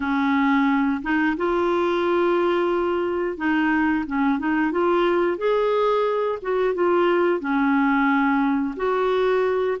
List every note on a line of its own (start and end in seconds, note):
0.00 1.01 C#4
1.02 1.36 D#4
1.36 3.37 F4
3.37 4.04 D#4
4.06 4.39 C#4
4.39 4.71 D#4
4.71 5.37 F4
5.37 6.38 G#4
6.42 6.74 F#4
6.74 7.40 F4
7.40 8.75 C#4
8.76 9.77 F#4